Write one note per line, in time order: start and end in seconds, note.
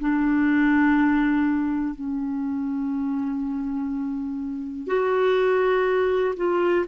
0.00 1.95 D4
1.95 4.88 C#4
4.88 6.35 F#4
6.37 6.86 F4